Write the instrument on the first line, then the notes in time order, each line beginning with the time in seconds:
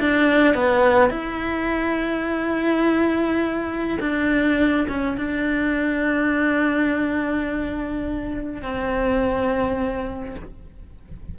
cello
0.00 D4
0.55 B3
1.10 E4
4.00 D4
4.89 C#4
5.18 D4
8.62 C4